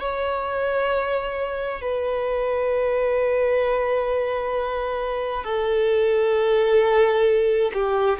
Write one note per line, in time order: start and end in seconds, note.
0.00 1.81 C#5
1.81 5.44 B4
5.44 7.71 A4
7.74 8.19 G4